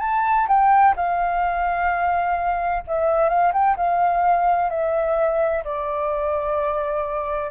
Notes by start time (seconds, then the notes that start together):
0.00 A5
0.48 G5
0.96 F5
2.87 E5
3.29 F5
3.53 G5
3.77 F5
4.70 E5
5.64 D5